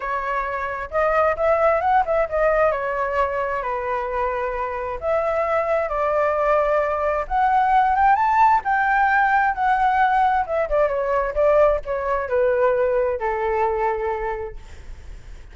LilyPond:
\new Staff \with { instrumentName = "flute" } { \time 4/4 \tempo 4 = 132 cis''2 dis''4 e''4 | fis''8 e''8 dis''4 cis''2 | b'2. e''4~ | e''4 d''2. |
fis''4. g''8 a''4 g''4~ | g''4 fis''2 e''8 d''8 | cis''4 d''4 cis''4 b'4~ | b'4 a'2. | }